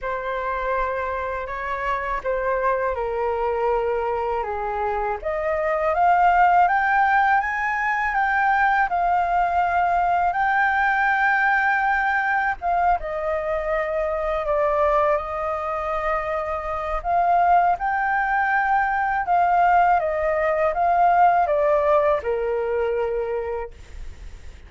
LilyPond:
\new Staff \with { instrumentName = "flute" } { \time 4/4 \tempo 4 = 81 c''2 cis''4 c''4 | ais'2 gis'4 dis''4 | f''4 g''4 gis''4 g''4 | f''2 g''2~ |
g''4 f''8 dis''2 d''8~ | d''8 dis''2~ dis''8 f''4 | g''2 f''4 dis''4 | f''4 d''4 ais'2 | }